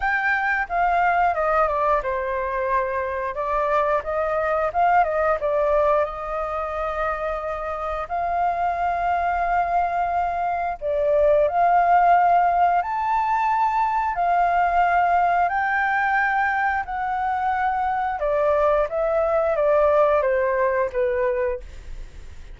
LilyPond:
\new Staff \with { instrumentName = "flute" } { \time 4/4 \tempo 4 = 89 g''4 f''4 dis''8 d''8 c''4~ | c''4 d''4 dis''4 f''8 dis''8 | d''4 dis''2. | f''1 |
d''4 f''2 a''4~ | a''4 f''2 g''4~ | g''4 fis''2 d''4 | e''4 d''4 c''4 b'4 | }